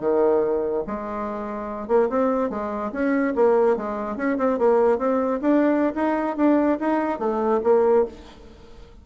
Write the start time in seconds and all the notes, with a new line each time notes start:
0.00 D#3
0.87 G#3
1.88 A#3
2.09 C4
2.50 G#3
2.92 C#4
3.35 A#3
3.77 G#3
4.16 C#4
4.37 C4
4.58 A#3
4.98 C4
5.41 D4
5.95 D#4
6.36 D4
6.80 D#4
7.19 A3
7.63 A#3